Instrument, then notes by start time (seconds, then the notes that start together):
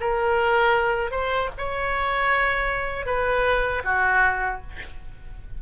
oboe
0.00 A#4
1.11 C5
1.58 C#5
3.06 B4
3.84 F#4